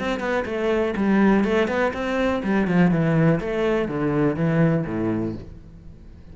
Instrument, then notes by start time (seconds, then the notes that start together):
cello
0.00 C4
0.20 B3
0.46 A3
0.97 G3
1.45 A3
1.68 B3
1.94 C4
2.44 G3
2.68 F3
2.91 E3
3.41 A3
3.89 D3
4.36 E3
4.87 A2